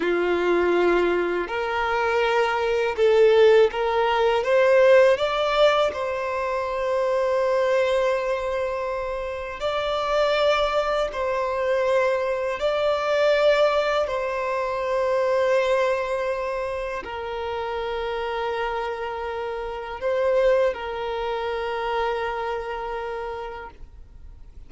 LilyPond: \new Staff \with { instrumentName = "violin" } { \time 4/4 \tempo 4 = 81 f'2 ais'2 | a'4 ais'4 c''4 d''4 | c''1~ | c''4 d''2 c''4~ |
c''4 d''2 c''4~ | c''2. ais'4~ | ais'2. c''4 | ais'1 | }